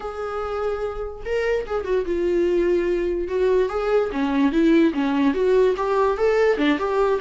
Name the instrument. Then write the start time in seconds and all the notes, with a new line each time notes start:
viola
0.00 G#4
1.25 A#4
1.66 G#4
1.84 F#4
2.05 F4
3.28 F#4
3.69 G#4
4.12 C#4
4.51 E4
4.93 C#4
5.33 F#4
5.76 G4
6.17 A4
6.57 D4
6.78 G4